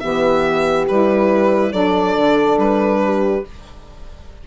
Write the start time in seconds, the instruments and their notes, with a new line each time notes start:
0.00 bassoon E3, saxophone B3, horn G4, violin E5
0.89 bassoon G3, saxophone E4, violin B4
1.72 bassoon F#3, saxophone D4, horn A4, violin D5
2.17 bassoon D3
2.58 bassoon G3, violin B4
3.05 horn G4